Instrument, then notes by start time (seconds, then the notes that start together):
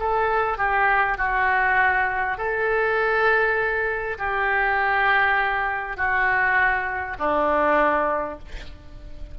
oboe
0.00 A4
0.58 G4
1.18 F#4
2.38 A4
4.19 G4
5.97 F#4
7.19 D4